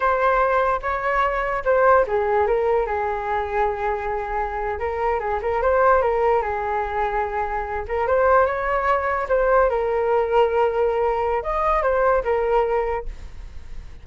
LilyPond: \new Staff \with { instrumentName = "flute" } { \time 4/4 \tempo 4 = 147 c''2 cis''2 | c''4 gis'4 ais'4 gis'4~ | gis'2.~ gis'8. ais'16~ | ais'8. gis'8 ais'8 c''4 ais'4 gis'16~ |
gis'2.~ gis'16 ais'8 c''16~ | c''8. cis''2 c''4 ais'16~ | ais'1 | dis''4 c''4 ais'2 | }